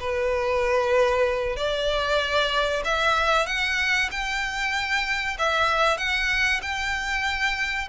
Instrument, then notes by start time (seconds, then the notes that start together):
violin
0.00 B4
1.56 D5
2.84 E5
3.46 F#5
4.11 G5
5.38 E5
5.97 F#5
6.62 G5